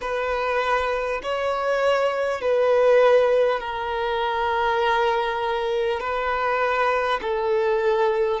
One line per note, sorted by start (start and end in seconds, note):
0.01 1.21 B4
1.23 2.41 C#5
2.41 3.60 B4
3.60 6.00 A#4
6.00 7.20 B4
7.21 8.40 A4